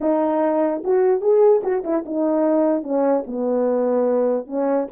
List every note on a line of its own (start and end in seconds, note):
0.01 0.82 D#4
0.84 1.21 F#4
1.21 1.62 G#4
1.63 1.83 F#4
1.84 2.04 E4
2.05 2.83 D#4
2.83 3.24 C#4
3.26 4.46 B3
4.46 4.87 C#4